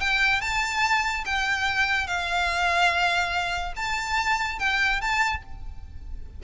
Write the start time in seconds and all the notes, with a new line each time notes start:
0.00 G5
0.41 A5
1.26 G5
2.07 F5
3.76 A5
4.59 G5
5.01 A5